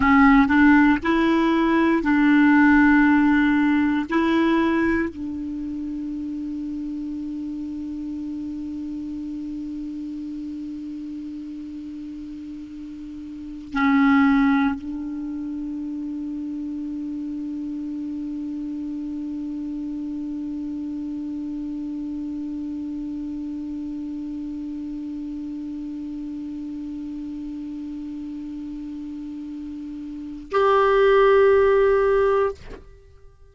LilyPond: \new Staff \with { instrumentName = "clarinet" } { \time 4/4 \tempo 4 = 59 cis'8 d'8 e'4 d'2 | e'4 d'2.~ | d'1~ | d'4. cis'4 d'4.~ |
d'1~ | d'1~ | d'1~ | d'2 g'2 | }